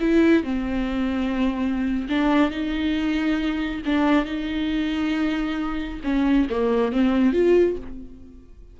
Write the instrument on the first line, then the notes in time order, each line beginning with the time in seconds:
viola
0.00 E4
0.43 C4
2.09 D4
2.50 D#4
3.85 D4
4.25 D#4
6.03 C#4
6.50 A#3
6.92 C4
7.32 F4